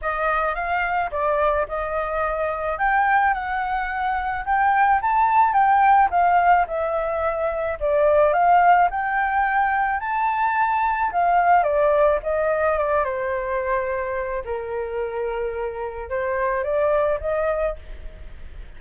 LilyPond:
\new Staff \with { instrumentName = "flute" } { \time 4/4 \tempo 4 = 108 dis''4 f''4 d''4 dis''4~ | dis''4 g''4 fis''2 | g''4 a''4 g''4 f''4 | e''2 d''4 f''4 |
g''2 a''2 | f''4 d''4 dis''4 d''8 c''8~ | c''2 ais'2~ | ais'4 c''4 d''4 dis''4 | }